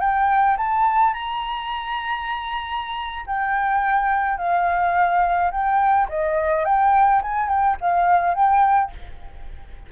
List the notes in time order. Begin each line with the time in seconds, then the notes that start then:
0.00 G5
0.57 A5
1.13 A#5
3.26 G5
4.37 F5
5.51 G5
6.09 D#5
6.65 G5
7.22 G#5
7.48 G5
7.81 F5
8.34 G5